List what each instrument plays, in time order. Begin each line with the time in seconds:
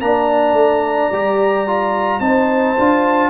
0.00 tuba A#3, trombone D4, horn D5, trumpet A#5
0.53 tuba A3
1.12 tuba G3, trombone G4
1.67 trombone F4
2.20 tuba C4, trombone D#4, horn C5, trumpet A5
2.79 tuba D4, trombone F4